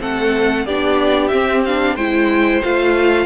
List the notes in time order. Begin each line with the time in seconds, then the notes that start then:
0.00 A3 C4 A4 F#5
0.66 B3 D4 G4 D5
1.28 C4 E5
1.65 D4 F5
1.94 G#3 E4 C5 G5
2.63 A3 F4 F5